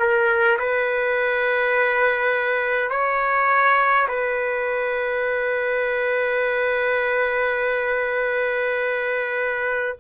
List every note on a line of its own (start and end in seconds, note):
0.00 0.59 A#4
0.59 2.90 B4
2.90 4.08 C#5
4.09 9.97 B4